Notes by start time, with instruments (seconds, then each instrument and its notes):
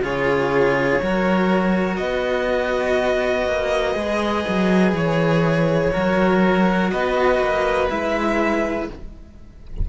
0.00 cello C#3 F4, violin G#4 C#5
1.02 cello F#3 F#4, violin A#4
1.97 cello B3, violin B4 D#5
3.46 cello A#3
3.94 cello G#3 G#4
4.48 cello F#3
4.93 cello E3, violin C#5
5.91 cello F#3 F#4, violin A#4
6.91 cello B3, violin B4 D#5
7.39 cello A#3
7.89 cello G#3 E4, violin E5